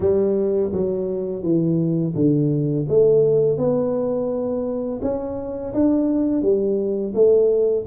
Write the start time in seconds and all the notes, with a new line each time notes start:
0.00 G3
0.71 F#3
1.42 E3
2.15 D3
2.88 A3
3.57 B3
5.02 C#4
5.73 D4
6.42 G3
7.14 A3